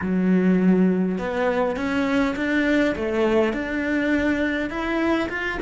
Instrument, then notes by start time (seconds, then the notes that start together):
cello
0.01 F#3
1.18 B3
1.76 C#4
2.36 D4
2.95 A3
3.53 D4
4.70 E4
5.29 F4